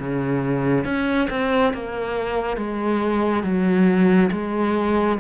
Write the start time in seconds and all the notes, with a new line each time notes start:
0.00 C#3
0.85 C#4
1.30 C4
1.74 A#3
2.57 G#3
3.44 F#3
4.32 G#3